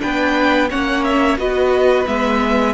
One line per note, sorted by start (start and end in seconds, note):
0.00 0.72 B3
0.00 0.68 D4
0.00 0.69 B4
0.00 0.70 G5
0.70 1.38 A#3
0.70 1.38 C#4
0.70 1.39 C#5
0.70 1.04 F#5
1.04 1.38 E5
1.38 2.06 B3
1.38 2.06 F#4
1.38 2.75 B4
1.38 2.07 D#5
2.06 2.75 G#3
2.06 2.74 B3
2.06 2.75 E5